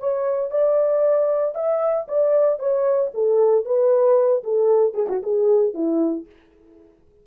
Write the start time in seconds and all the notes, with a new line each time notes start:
0.00 C#5
0.51 D5
1.55 E5
2.08 D5
2.59 C#5
3.14 A4
3.65 B4
4.44 A4
4.94 G#4
5.09 F#4
5.23 G#4
5.74 E4